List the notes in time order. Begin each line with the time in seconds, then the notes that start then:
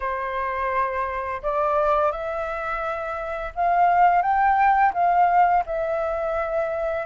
0.00 C5
1.42 D5
2.11 E5
3.55 F5
4.22 G5
4.93 F5
5.65 E5